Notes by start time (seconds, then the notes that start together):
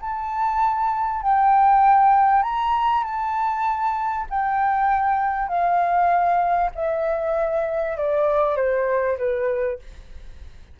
0.00 A5
1.21 G5
2.42 A#5
3.03 A5
4.29 G5
5.48 F5
6.75 E5
7.97 D5
8.56 C5
9.18 B4